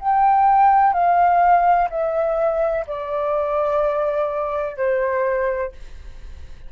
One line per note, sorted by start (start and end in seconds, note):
0.00 0.94 G5
0.94 1.89 F5
1.90 2.86 E5
2.87 4.77 D5
4.77 5.73 C5